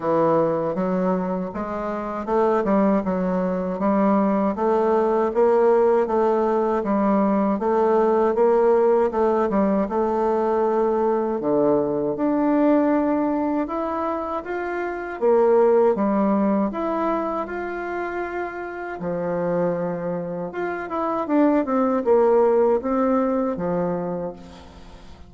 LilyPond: \new Staff \with { instrumentName = "bassoon" } { \time 4/4 \tempo 4 = 79 e4 fis4 gis4 a8 g8 | fis4 g4 a4 ais4 | a4 g4 a4 ais4 | a8 g8 a2 d4 |
d'2 e'4 f'4 | ais4 g4 e'4 f'4~ | f'4 f2 f'8 e'8 | d'8 c'8 ais4 c'4 f4 | }